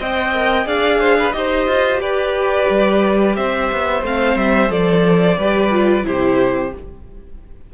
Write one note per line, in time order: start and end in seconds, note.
0.00 0.66 C4
0.00 0.34 C5
0.00 0.67 D#5
0.00 0.68 G5
0.34 0.65 A#4
0.65 1.34 D4
0.65 1.32 G#4
0.65 1.01 D5
0.65 1.32 F5
1.01 1.17 C5
1.19 1.36 B4
1.32 1.68 D#4
1.32 4.03 G4
1.32 2.02 C5
1.32 2.00 D#5
1.68 2.00 F4
2.00 2.67 G4
2.00 3.37 B4
2.00 3.36 D5
2.70 3.37 G3
3.36 3.71 C4
3.36 5.39 C5
3.36 4.03 E5
3.72 4.03 B3
4.03 4.36 A3
4.03 4.68 C4
4.03 4.38 F5
4.36 4.70 G3
4.36 4.71 E5
4.68 5.37 F3
4.68 5.36 A4
4.68 6.06 D5
5.37 6.05 G3
5.37 5.71 G4
5.37 6.06 B4
5.71 6.04 F4
6.04 6.73 C3
6.04 6.71 E4
6.04 6.74 G4
6.04 6.74 C5